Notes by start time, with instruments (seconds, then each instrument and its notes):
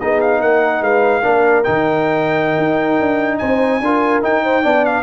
0.00 tuba B3, trombone D#4, horn G#4, trumpet D#5
0.21 trumpet F5
0.41 tuba A#3, horn A#4, trumpet F#5
0.82 tuba G#3, horn B4, trumpet F5
1.22 tuba A#3, trombone D4, horn A#4
1.64 tuba D#3, trombone D#4, trumpet G5
2.58 tuba D#4
3.00 tuba D4
3.38 tuba C4, horn C5, trumpet G#5
3.81 tuba D4, trombone F4, horn A#4
4.23 trombone D#4, tuba D#4, trumpet G5
4.44 horn C5
4.63 tuba B3, trombone D4, horn D5
4.85 trumpet F5